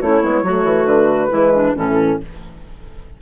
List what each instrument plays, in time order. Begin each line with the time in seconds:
0.00 bassoon A3, horn C#4, clarinet E4, flute C#5
0.22 bassoon G#3, horn B3
0.43 bassoon F#3, horn A3, clarinet F#4
0.63 bassoon E3
0.85 bassoon D3, flute B4
1.30 bassoon E3, horn G#3, clarinet E4
1.54 clarinet D4
1.75 bassoon A2, horn E3, clarinet C#4, flute A4